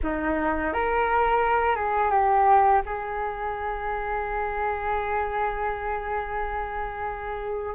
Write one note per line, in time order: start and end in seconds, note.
0.03 0.73 D#4
0.73 1.75 A#4
1.75 2.10 G#4
2.10 2.81 G4
2.85 7.74 G#4